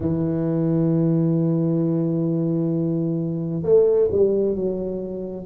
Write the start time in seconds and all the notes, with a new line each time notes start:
0.00 E3
3.62 A3
4.11 G3
4.55 F#3